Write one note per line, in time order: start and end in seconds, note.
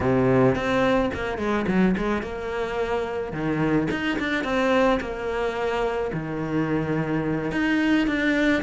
0.00 0.55 C3
0.55 1.10 C4
1.13 1.38 A#3
1.38 1.65 G#3
1.67 1.95 F#3
1.97 2.22 G#3
2.22 3.32 A#3
3.32 3.88 D#3
3.90 4.18 D#4
4.19 4.43 D4
4.43 4.99 C4
5.00 6.11 A#3
6.13 7.52 D#3
7.52 8.07 D#4
8.07 8.63 D4